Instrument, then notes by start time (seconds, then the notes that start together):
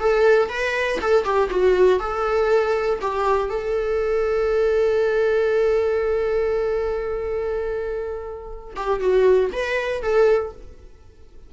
viola
0.00 A4
0.49 B4
1.02 A4
1.25 G4
1.50 F#4
2.00 A4
3.02 G4
3.50 A4
8.76 G4
9.00 F#4
9.53 B4
10.02 A4